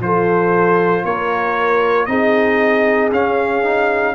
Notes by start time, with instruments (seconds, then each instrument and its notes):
0.00 tuba F3, trombone F4, horn A4, trumpet C5
1.05 tuba A#3, horn A#4, trumpet C#5
2.06 tuba C4, trombone D#4, horn G#4, trumpet D#5
3.11 tuba C#4, trombone C#4, trumpet F5
3.62 trombone D#4